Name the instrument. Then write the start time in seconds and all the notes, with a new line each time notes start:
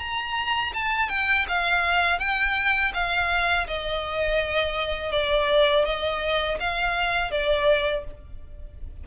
violin
0.00 A#5
0.74 A5
1.09 G5
1.49 F5
2.20 G5
2.94 F5
3.68 D#5
5.12 D5
5.85 D#5
6.60 F5
7.31 D5